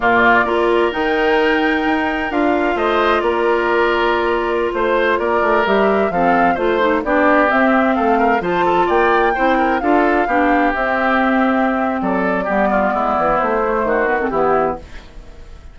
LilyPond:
<<
  \new Staff \with { instrumentName = "flute" } { \time 4/4 \tempo 4 = 130 d''2 g''2~ | g''4 f''4 dis''4 d''4~ | d''2~ d''16 c''4 d''8.~ | d''16 e''4 f''4 c''4 d''8.~ |
d''16 e''4 f''4 a''4 g''8.~ | g''4~ g''16 f''2 e''8.~ | e''2 d''2~ | d''4 c''4. b'16 a'16 g'4 | }
  \new Staff \with { instrumentName = "oboe" } { \time 4/4 f'4 ais'2.~ | ais'2 c''4 ais'4~ | ais'2~ ais'16 c''4 ais'8.~ | ais'4~ ais'16 a'4 c''4 g'8.~ |
g'4~ g'16 a'8 ais'8 c''8 a'8 d''8.~ | d''16 c''8 ais'8 a'4 g'4.~ g'16~ | g'2 a'4 g'8 f'8 | e'2 fis'4 e'4 | }
  \new Staff \with { instrumentName = "clarinet" } { \time 4/4 ais4 f'4 dis'2~ | dis'4 f'2.~ | f'1~ | f'16 g'4 c'4 f'8 dis'8 d'8.~ |
d'16 c'2 f'4.~ f'16~ | f'16 e'4 f'4 d'4 c'8.~ | c'2. b4~ | b4. a4 b16 c'16 b4 | }
  \new Staff \with { instrumentName = "bassoon" } { \time 4/4 ais,4 ais4 dis2 | dis'4 d'4 a4 ais4~ | ais2~ ais16 a4 ais8 a16~ | a16 g4 f4 a4 b8.~ |
b16 c'4 a4 f4 ais8.~ | ais16 c'4 d'4 b4 c'8.~ | c'2 fis4 g4 | gis8 e8 a4 dis4 e4 | }
>>